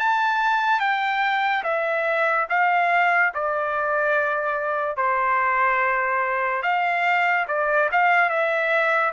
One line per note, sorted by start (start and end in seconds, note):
0.00 0.80 A5
0.80 1.63 G5
1.64 2.47 E5
2.50 3.33 F5
3.34 4.97 D5
4.97 6.63 C5
6.63 7.46 F5
7.48 7.90 D5
7.92 8.30 F5
8.30 9.13 E5